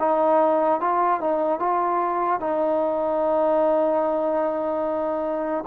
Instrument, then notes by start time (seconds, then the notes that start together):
trombone
0.00 D#4
0.81 F4
1.21 D#4
1.60 F4
2.40 D#4